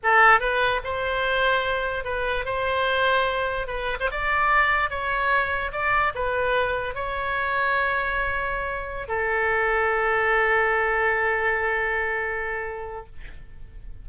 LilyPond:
\new Staff \with { instrumentName = "oboe" } { \time 4/4 \tempo 4 = 147 a'4 b'4 c''2~ | c''4 b'4 c''2~ | c''4 b'8. c''16 d''2 | cis''2 d''4 b'4~ |
b'4 cis''2.~ | cis''2~ cis''16 a'4.~ a'16~ | a'1~ | a'1 | }